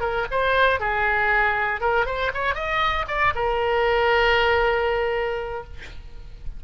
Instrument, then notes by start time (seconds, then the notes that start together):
oboe
0.00 A#4
0.31 C5
0.80 G#4
1.80 A#4
2.06 C5
2.34 C#5
2.54 D#5
3.08 D5
3.35 A#4